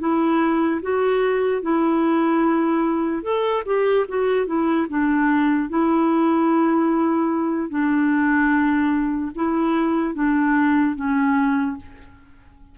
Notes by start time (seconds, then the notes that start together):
0.00 E4
0.83 F#4
1.63 E4
3.23 A4
3.66 G4
4.09 F#4
4.47 E4
4.90 D4
5.69 E4
7.70 D4
9.36 E4
10.15 D4
10.96 C#4